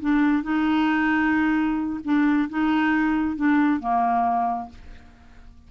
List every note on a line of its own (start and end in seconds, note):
0.00 0.43 D4
0.43 2.00 D#4
2.04 2.49 D4
2.49 3.36 D#4
3.36 3.80 D4
3.80 4.69 A#3